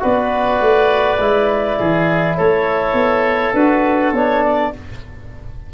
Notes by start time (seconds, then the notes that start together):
0.00 B3 F#4 B4 D5
0.60 A3
1.19 G#3 E4
1.79 E3 G#4
2.37 A3 A4 C#5
2.93 B3
3.53 D4 F#4 B4
4.12 B3 D4 C#5
4.44 D5